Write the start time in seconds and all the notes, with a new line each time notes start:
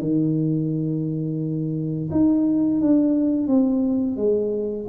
0.00 D#3
2.11 D#4
2.81 D4
3.47 C4
4.17 G#3